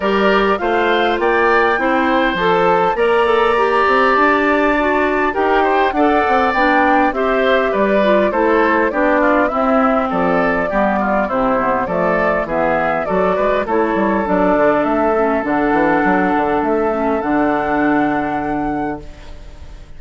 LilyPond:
<<
  \new Staff \with { instrumentName = "flute" } { \time 4/4 \tempo 4 = 101 d''4 f''4 g''2 | a''4 ais''2 a''4~ | a''4 g''4 fis''4 g''4 | e''4 d''4 c''4 d''4 |
e''4 d''2 c''4 | d''4 e''4 d''4 cis''4 | d''4 e''4 fis''2 | e''4 fis''2. | }
  \new Staff \with { instrumentName = "oboe" } { \time 4/4 ais'4 c''4 d''4 c''4~ | c''4 d''2.~ | d''4 ais'8 c''8 d''2 | c''4 b'4 a'4 g'8 f'8 |
e'4 a'4 g'8 f'8 e'4 | a'4 gis'4 a'8 b'8 a'4~ | a'1~ | a'1 | }
  \new Staff \with { instrumentName = "clarinet" } { \time 4/4 g'4 f'2 e'4 | a'4 ais'8 a'8 g'2 | fis'4 g'4 a'4 d'4 | g'4. f'8 e'4 d'4 |
c'2 b4 c'8 b8 | a4 b4 fis'4 e'4 | d'4. cis'8 d'2~ | d'8 cis'8 d'2. | }
  \new Staff \with { instrumentName = "bassoon" } { \time 4/4 g4 a4 ais4 c'4 | f4 ais4. c'8 d'4~ | d'4 dis'4 d'8 c'8 b4 | c'4 g4 a4 b4 |
c'4 f4 g4 c4 | f4 e4 fis8 gis8 a8 g8 | fis8 d8 a4 d8 e8 fis8 d8 | a4 d2. | }
>>